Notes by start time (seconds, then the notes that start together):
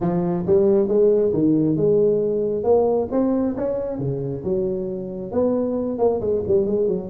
0.00 F3
0.46 G3
0.87 G#3
1.33 D#3
1.76 G#3
2.63 A#3
3.11 C4
3.56 C#4
3.98 C#3
4.44 F#3
5.31 B3
5.98 A#3
6.20 G#3
6.47 G3
6.66 G#3
6.88 F#3